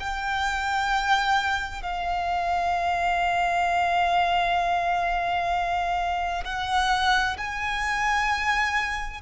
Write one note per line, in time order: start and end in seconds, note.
0.00 1.83 G5
1.83 6.44 F5
6.45 7.37 F#5
7.38 9.22 G#5